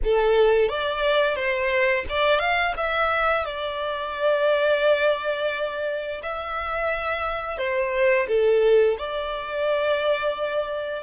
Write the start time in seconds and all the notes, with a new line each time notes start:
0.03 A4
0.68 D5
1.35 C5
2.09 D5
2.39 F5
2.76 E5
3.45 D5
6.23 E5
7.58 C5
8.28 A4
8.98 D5